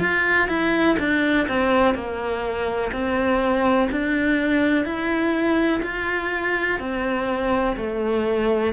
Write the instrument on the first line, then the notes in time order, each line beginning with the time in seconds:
cello
0.00 F4
0.48 E4
0.99 D4
1.48 C4
1.95 A#3
2.92 C4
3.91 D4
4.85 E4
5.82 F4
6.80 C4
7.77 A3